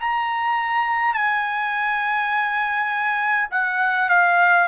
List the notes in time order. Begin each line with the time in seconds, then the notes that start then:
0.00 A#5
1.14 G#5
3.50 F#5
4.09 F5